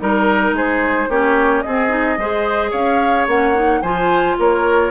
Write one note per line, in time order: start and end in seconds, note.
0.00 0.52 G3
0.00 1.09 D#4
0.00 0.56 A#4
0.52 1.07 G#3
0.52 1.09 G#4
0.52 1.11 C5
1.09 1.64 A#3
1.09 1.65 C#4
1.09 1.64 G4
1.09 1.62 C#5
1.62 1.89 C4
1.62 2.17 C4
1.62 2.20 G#4
1.62 2.71 D#5
1.89 2.17 D#4
2.17 2.72 G#3
2.17 3.30 G#4
2.17 2.71 C5
2.71 3.27 C#4
2.71 3.80 C#5
2.71 3.27 F5
3.27 3.82 A#3
3.27 3.55 C#4
3.27 3.82 F#5
3.55 3.82 D#4
3.82 4.37 F3
3.82 4.91 F4
3.82 4.36 C5
3.82 4.37 G#5
4.39 4.91 A#3
4.39 4.91 A#4
4.39 4.91 C#5